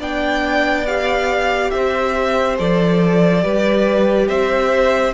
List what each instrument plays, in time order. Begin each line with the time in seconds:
0.00 cello B3, viola D4, violin D5 G5
0.87 viola G4, violin F5
1.71 cello C4, violin C5 E5
2.58 cello F3, viola A4, violin D5
3.42 cello G3, viola G4, violin B4
4.28 cello C4, violin C5 E5